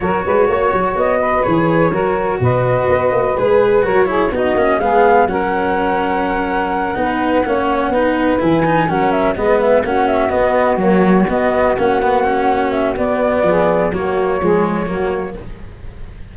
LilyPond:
<<
  \new Staff \with { instrumentName = "flute" } { \time 4/4 \tempo 4 = 125 cis''2 dis''4 cis''4~ | cis''4 dis''2 b'4 | cis''4 dis''4 f''4 fis''4~ | fis''1~ |
fis''4. gis''4 fis''8 e''8 dis''8 | e''8 fis''8 e''8 dis''4 cis''4 dis''8~ | dis''8 fis''2 e''8 d''4~ | d''4 cis''2. | }
  \new Staff \with { instrumentName = "saxophone" } { \time 4/4 ais'8 b'8 cis''4. b'4. | ais'4 b'2. | ais'8 gis'8 fis'4 gis'4 ais'4~ | ais'2~ ais'8 b'4 cis''8~ |
cis''8 b'2 ais'4 b'8~ | b'8 fis'2.~ fis'8~ | fis'1 | gis'4 fis'4 gis'4 fis'4 | }
  \new Staff \with { instrumentName = "cello" } { \time 4/4 fis'2. gis'4 | fis'2. gis'4 | fis'8 e'8 dis'8 cis'8 b4 cis'4~ | cis'2~ cis'8 dis'4 cis'8~ |
cis'8 dis'4 e'8 dis'8 cis'4 b8~ | b8 cis'4 b4 fis4 b8~ | b8 cis'8 b8 cis'4. b4~ | b4 ais4 gis4 ais4 | }
  \new Staff \with { instrumentName = "tuba" } { \time 4/4 fis8 gis8 ais8 fis8 b4 e4 | fis4 b,4 b8 ais8 gis4 | fis4 b8 ais8 gis4 fis4~ | fis2~ fis8 b4 ais8~ |
ais8 b4 e4 fis4 gis8~ | gis8 ais4 b4 ais4 b8~ | b8 ais2~ ais8 b4 | f4 fis4 f4 fis4 | }
>>